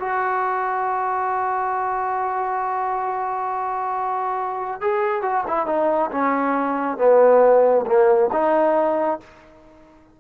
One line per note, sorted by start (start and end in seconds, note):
0.00 4.81 F#4
4.81 5.23 G#4
5.23 5.44 F#4
5.48 5.67 E4
5.67 6.11 D#4
6.12 6.98 C#4
6.98 7.86 B3
7.87 8.31 A#3
8.33 9.20 D#4